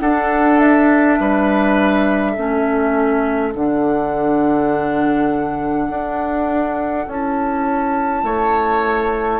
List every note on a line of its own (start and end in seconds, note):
0.00 1.18 D4
0.00 2.36 D4
0.00 1.19 A4
0.00 0.59 F#5
0.59 3.53 E5
1.19 2.37 G3
1.19 2.32 B4
2.32 3.54 A3
2.32 3.53 C#4
2.32 8.20 A4
3.54 5.89 D3
3.54 7.06 D4
3.54 7.09 F#5
5.89 7.07 D4
7.06 8.23 C#4
7.06 9.39 E4
7.06 9.39 A5
8.23 9.39 A3
8.23 9.39 C#5